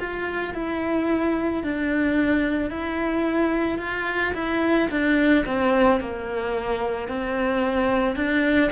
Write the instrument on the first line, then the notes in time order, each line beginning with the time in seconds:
cello
0.00 F4
0.55 E4
1.63 D4
2.70 E4
3.79 F4
4.34 E4
4.90 D4
5.46 C4
6.00 A#3
7.08 C4
8.16 D4